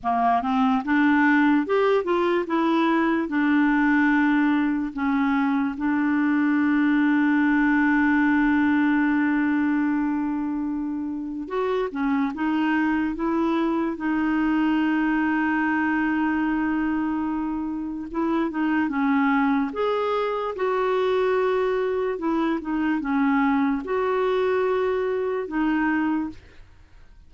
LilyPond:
\new Staff \with { instrumentName = "clarinet" } { \time 4/4 \tempo 4 = 73 ais8 c'8 d'4 g'8 f'8 e'4 | d'2 cis'4 d'4~ | d'1~ | d'2 fis'8 cis'8 dis'4 |
e'4 dis'2.~ | dis'2 e'8 dis'8 cis'4 | gis'4 fis'2 e'8 dis'8 | cis'4 fis'2 dis'4 | }